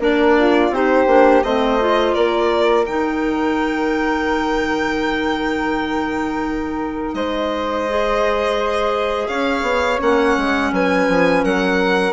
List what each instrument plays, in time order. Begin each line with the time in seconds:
0.00 bassoon A#3, clarinet D4, flute A#4, violin D5
0.39 flute F4
0.71 bassoon C4, clarinet D#4, flute G4, violin C5
1.07 bassoon A#3, clarinet D4
1.43 bassoon A3, clarinet C4, flute C5, violin D#5
1.80 clarinet F4
2.14 bassoon A#3, flute A#4, violin D5
2.86 bassoon D#3, clarinet D#4, violin G5
7.15 bassoon G#3, flute C5, violin D#5
7.89 clarinet G#4
9.28 bassoon C#4, flute C#5, violin F5
9.62 bassoon B3
9.99 bassoon A#3, clarinet C#4, violin F#5
10.37 bassoon G#3
10.72 bassoon F#3, flute B4, violin G#5
11.09 bassoon F3
11.44 bassoon F#3, flute A#4, violin F#5